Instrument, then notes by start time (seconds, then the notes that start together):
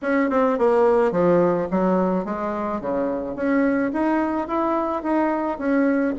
bassoon
0.02 C#4
0.30 C4
0.58 A#3
1.11 F3
1.71 F#3
2.24 G#3
2.80 C#3
3.35 C#4
3.93 D#4
4.47 E4
5.02 D#4
5.58 C#4